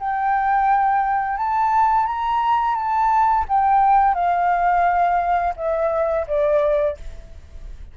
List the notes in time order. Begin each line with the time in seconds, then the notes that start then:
0.00 G5
1.38 A5
2.07 A#5
2.76 A5
3.49 G5
4.15 F5
5.57 E5
6.28 D5